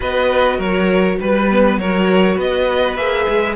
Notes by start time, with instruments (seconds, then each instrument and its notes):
0.00 cello B3, viola F#4, violin B4 D#5
0.57 cello F#3, violin A#4 C#5
1.20 cello G3, violin B4
1.51 viola B3
1.77 cello F#3, viola F#4, violin A#4 C#5
2.36 cello B3, violin B4 D#5
2.95 cello A#3, viola G#4, violin E5
3.28 cello G#3